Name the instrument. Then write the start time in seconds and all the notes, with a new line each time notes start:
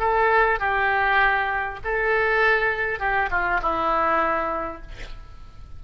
oboe
0.00 A4
0.60 G4
1.85 A4
3.00 G4
3.31 F4
3.62 E4